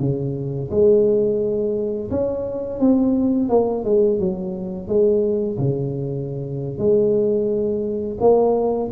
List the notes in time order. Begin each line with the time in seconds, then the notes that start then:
0.00 C#3
0.71 G#3
2.11 C#4
2.79 C4
3.49 A#3
3.84 G#3
4.19 F#3
4.88 G#3
5.58 C#3
6.78 G#3
8.20 A#3